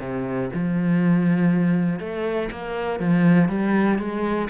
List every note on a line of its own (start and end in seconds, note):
0.00 0.50 C3
0.53 1.99 F3
1.99 2.49 A3
2.51 2.99 A#3
2.99 3.49 F3
3.49 3.98 G3
3.98 4.48 G#3